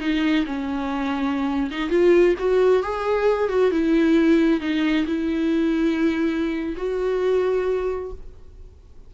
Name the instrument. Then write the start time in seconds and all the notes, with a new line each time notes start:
viola
0.00 D#4
0.46 C#4
1.71 D#4
1.90 F4
2.39 F#4
2.83 G#4
3.49 F#4
3.72 E4
4.61 D#4
5.07 E4
6.77 F#4